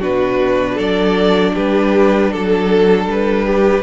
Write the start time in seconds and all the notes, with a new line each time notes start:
0.00 B2 D4 F#4 B4
0.75 F#3 A4 D5
1.54 G3 G4 B4
2.32 F#3 A4
3.06 G3 B4
3.46 G4